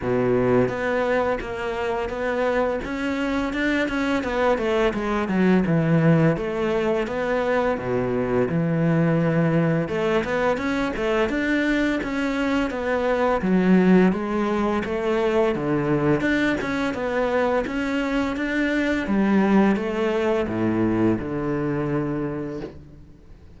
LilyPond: \new Staff \with { instrumentName = "cello" } { \time 4/4 \tempo 4 = 85 b,4 b4 ais4 b4 | cis'4 d'8 cis'8 b8 a8 gis8 fis8 | e4 a4 b4 b,4 | e2 a8 b8 cis'8 a8 |
d'4 cis'4 b4 fis4 | gis4 a4 d4 d'8 cis'8 | b4 cis'4 d'4 g4 | a4 a,4 d2 | }